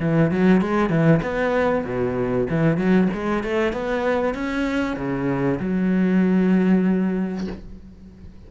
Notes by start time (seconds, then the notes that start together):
0.00 E3
0.31 F#3
0.61 G#3
0.89 E3
1.22 B3
1.84 B2
2.49 E3
2.77 F#3
3.13 G#3
3.43 A3
3.72 B3
4.34 C#4
4.97 C#3
5.59 F#3